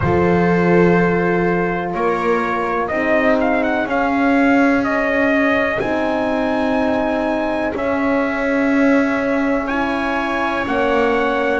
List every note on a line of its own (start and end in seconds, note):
0.00 1.94 F3
0.00 2.91 F4
0.00 1.93 A4
0.00 1.91 C5
1.93 2.90 A#3
1.93 2.89 A#4
1.93 2.87 C#5
2.87 3.84 C4
2.87 3.87 D#4
2.87 9.66 G#4
2.87 3.36 D#5
3.41 3.63 F5
3.63 3.87 F#5
3.84 5.78 C#4
3.84 5.80 C#4
3.84 4.84 F5
4.84 5.79 D#5
5.79 7.73 C4
5.79 7.73 D#4
5.79 7.73 G#5
7.73 9.67 C#4
7.73 10.66 C#4
7.73 9.67 E5
9.66 10.64 E4
9.66 11.60 C#5
9.66 10.64 G#5
10.64 11.60 A#3
10.64 11.60 C#4
10.64 11.60 F#5